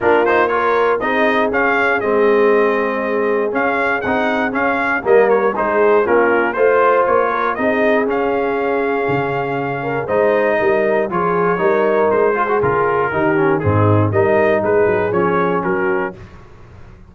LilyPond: <<
  \new Staff \with { instrumentName = "trumpet" } { \time 4/4 \tempo 4 = 119 ais'8 c''8 cis''4 dis''4 f''4 | dis''2. f''4 | fis''4 f''4 dis''8 cis''8 c''4 | ais'4 c''4 cis''4 dis''4 |
f''1 | dis''2 cis''2 | c''4 ais'2 gis'4 | dis''4 b'4 cis''4 ais'4 | }
  \new Staff \with { instrumentName = "horn" } { \time 4/4 f'4 ais'4 gis'2~ | gis'1~ | gis'2 ais'4 gis'4 | f'4 c''4. ais'8 gis'4~ |
gis'2.~ gis'8 ais'8 | c''4 ais'4 gis'4 ais'4~ | ais'8 gis'4. g'4 dis'4 | ais'4 gis'2 fis'4 | }
  \new Staff \with { instrumentName = "trombone" } { \time 4/4 d'8 dis'8 f'4 dis'4 cis'4 | c'2. cis'4 | dis'4 cis'4 ais4 dis'4 | cis'4 f'2 dis'4 |
cis'1 | dis'2 f'4 dis'4~ | dis'8 f'16 fis'16 f'4 dis'8 cis'8 c'4 | dis'2 cis'2 | }
  \new Staff \with { instrumentName = "tuba" } { \time 4/4 ais2 c'4 cis'4 | gis2. cis'4 | c'4 cis'4 g4 gis4 | ais4 a4 ais4 c'4 |
cis'2 cis2 | gis4 g4 f4 g4 | gis4 cis4 dis4 gis,4 | g4 gis8 fis8 f4 fis4 | }
>>